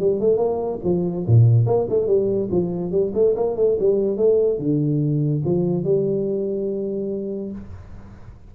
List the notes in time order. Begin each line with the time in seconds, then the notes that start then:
0.00 G3
0.20 A3
0.37 A#3
0.84 F3
1.27 A#2
1.66 A#3
1.90 A3
2.07 G3
2.51 F3
2.92 G3
3.14 A3
3.36 A#3
3.57 A3
3.80 G3
4.17 A3
4.59 D3
5.45 F3
5.84 G3